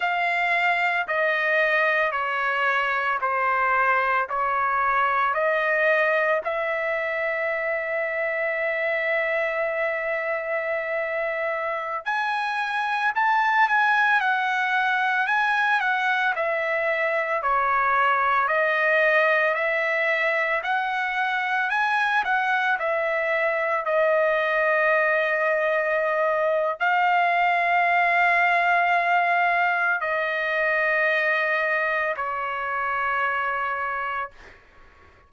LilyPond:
\new Staff \with { instrumentName = "trumpet" } { \time 4/4 \tempo 4 = 56 f''4 dis''4 cis''4 c''4 | cis''4 dis''4 e''2~ | e''2.~ e''16 gis''8.~ | gis''16 a''8 gis''8 fis''4 gis''8 fis''8 e''8.~ |
e''16 cis''4 dis''4 e''4 fis''8.~ | fis''16 gis''8 fis''8 e''4 dis''4.~ dis''16~ | dis''4 f''2. | dis''2 cis''2 | }